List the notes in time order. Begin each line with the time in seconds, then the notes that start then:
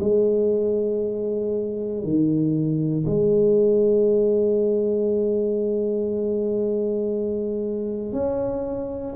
0.00 G#3
2.03 D#3
3.06 G#3
8.13 C#4